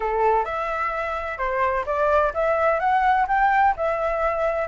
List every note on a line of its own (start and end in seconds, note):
0.00 0.45 A4
0.45 1.37 E5
1.37 1.84 C5
1.86 2.32 D5
2.34 2.79 E5
2.79 3.26 F#5
3.27 3.74 G5
3.76 4.68 E5